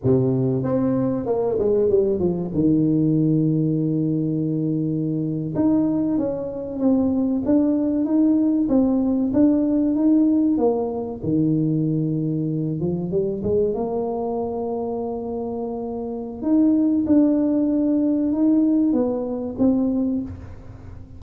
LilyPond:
\new Staff \with { instrumentName = "tuba" } { \time 4/4 \tempo 4 = 95 c4 c'4 ais8 gis8 g8 f8 | dis1~ | dis8. dis'4 cis'4 c'4 d'16~ | d'8. dis'4 c'4 d'4 dis'16~ |
dis'8. ais4 dis2~ dis16~ | dis16 f8 g8 gis8 ais2~ ais16~ | ais2 dis'4 d'4~ | d'4 dis'4 b4 c'4 | }